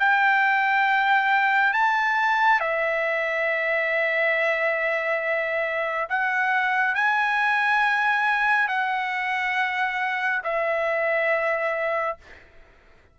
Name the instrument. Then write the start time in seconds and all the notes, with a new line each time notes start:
trumpet
0.00 G5
1.74 A5
2.60 E5
6.10 F#5
6.95 G#5
8.68 F#5
10.44 E5